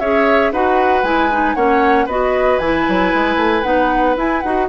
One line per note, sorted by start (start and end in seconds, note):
0.00 0.53 C#4
0.00 0.54 G#4
0.00 0.52 C#5
0.00 0.52 E5
0.53 1.03 D#4
0.53 1.05 F#4
0.53 1.56 B4
0.53 1.04 F#5
1.03 1.55 G#3
1.03 1.31 E4
1.03 1.55 G#5
1.32 1.56 D#4
1.55 2.07 A#3
1.55 2.08 C#4
1.55 2.06 C#5
1.55 2.07 F#5
2.06 2.59 B3
2.06 2.62 F#4
2.06 4.67 B4
2.06 2.59 D#5
2.59 2.86 E3
2.59 3.64 E4
2.59 3.63 G#5
2.89 3.14 F#3
3.14 3.36 G#3
3.36 3.62 A3
3.63 4.17 B3
3.63 4.16 D#4
3.63 4.15 F#5
4.17 4.43 E4
4.17 4.41 G#5
4.41 4.69 D#4
4.41 4.69 F#4
4.41 4.67 F#5